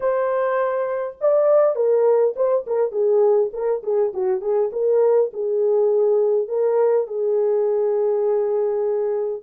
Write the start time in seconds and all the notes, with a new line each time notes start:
0.00 C5
1.20 D5
1.75 A#4
2.36 C5
2.66 A#4
2.91 G#4
3.53 A#4
3.83 G#4
4.13 F#4
4.41 G#4
4.72 A#4
5.33 G#4
6.48 A#4
7.07 G#4